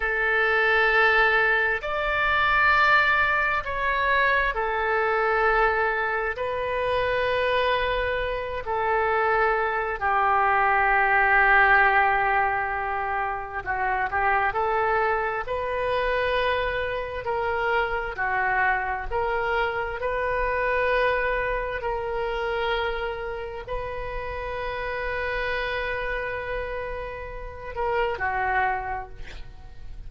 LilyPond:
\new Staff \with { instrumentName = "oboe" } { \time 4/4 \tempo 4 = 66 a'2 d''2 | cis''4 a'2 b'4~ | b'4. a'4. g'4~ | g'2. fis'8 g'8 |
a'4 b'2 ais'4 | fis'4 ais'4 b'2 | ais'2 b'2~ | b'2~ b'8 ais'8 fis'4 | }